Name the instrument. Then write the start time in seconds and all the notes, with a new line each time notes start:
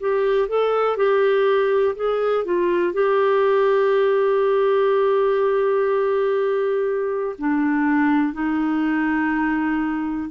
clarinet
0.00 G4
0.49 A4
0.97 G4
1.95 G#4
2.45 F4
2.93 G4
7.39 D4
8.33 D#4